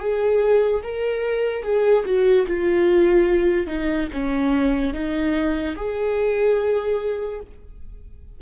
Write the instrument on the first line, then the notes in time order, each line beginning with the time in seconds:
viola
0.00 G#4
0.83 A#4
1.63 G#4
2.05 F#4
2.48 F4
3.67 D#4
4.13 C#4
4.94 D#4
5.76 G#4